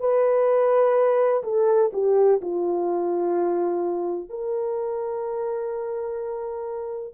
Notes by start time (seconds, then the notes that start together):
0.00 B4
1.43 A4
1.93 G4
2.42 F4
4.29 A#4